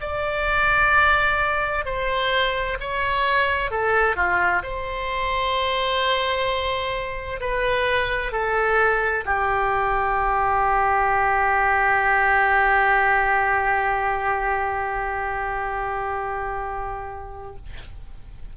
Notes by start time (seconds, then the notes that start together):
0.00 D5
1.85 C5
2.79 C#5
3.70 A4
4.16 F4
4.62 C5
7.40 B4
8.32 A4
9.25 G4